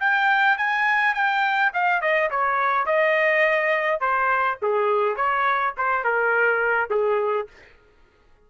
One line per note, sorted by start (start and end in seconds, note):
0.00 0.58 G5
0.58 1.15 G#5
1.15 1.72 G5
1.74 2.01 F5
2.01 2.30 D#5
2.31 2.86 C#5
2.86 4.00 D#5
4.00 4.58 C5
4.62 5.16 G#4
5.16 5.74 C#5
5.77 6.04 C5
6.04 6.90 A#4
6.90 7.48 G#4